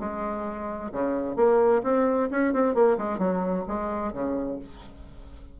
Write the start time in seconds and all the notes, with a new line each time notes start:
0.00 G#3
0.92 C#3
1.36 A#3
1.83 C4
2.31 C#4
2.53 C4
2.74 A#3
2.98 G#3
3.19 F#3
3.68 G#3
4.13 C#3